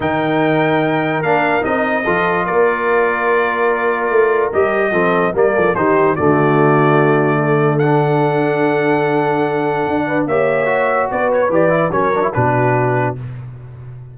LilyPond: <<
  \new Staff \with { instrumentName = "trumpet" } { \time 4/4 \tempo 4 = 146 g''2. f''4 | dis''2 d''2~ | d''2. dis''4~ | dis''4 d''4 c''4 d''4~ |
d''2. fis''4~ | fis''1~ | fis''4 e''2 d''8 cis''8 | d''4 cis''4 b'2 | }
  \new Staff \with { instrumentName = "horn" } { \time 4/4 ais'1~ | ais'4 a'4 ais'2~ | ais'1 | a'4 ais'8 a'8 g'4 fis'4~ |
fis'2 a'2~ | a'1~ | a'8 b'8 cis''2 b'4~ | b'4 ais'4 fis'2 | }
  \new Staff \with { instrumentName = "trombone" } { \time 4/4 dis'2. d'4 | dis'4 f'2.~ | f'2. g'4 | c'4 ais4 dis'4 a4~ |
a2. d'4~ | d'1~ | d'4 g'4 fis'2 | g'8 e'8 cis'8 d'16 e'16 d'2 | }
  \new Staff \with { instrumentName = "tuba" } { \time 4/4 dis2. ais4 | c'4 f4 ais2~ | ais2 a4 g4 | f4 g8 f8 dis4 d4~ |
d1~ | d1 | d'4 ais2 b4 | e4 fis4 b,2 | }
>>